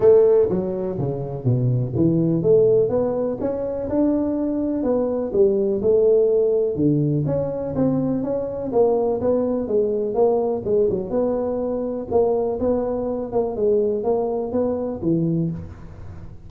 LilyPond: \new Staff \with { instrumentName = "tuba" } { \time 4/4 \tempo 4 = 124 a4 fis4 cis4 b,4 | e4 a4 b4 cis'4 | d'2 b4 g4 | a2 d4 cis'4 |
c'4 cis'4 ais4 b4 | gis4 ais4 gis8 fis8 b4~ | b4 ais4 b4. ais8 | gis4 ais4 b4 e4 | }